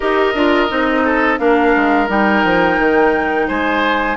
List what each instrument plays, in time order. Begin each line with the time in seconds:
0.00 bassoon D#4, clarinet G4, oboe A#4, flute D#5
0.34 bassoon D4, clarinet F4
0.68 bassoon C4, clarinet D#4
1.04 oboe A4
1.37 bassoon A#3, clarinet D4, oboe A#4, flute F5
1.75 bassoon G#3
2.07 bassoon G3, clarinet D#4, flute G5
2.44 bassoon F3
2.79 bassoon D#3
3.47 bassoon G#3, oboe C5, flute G#5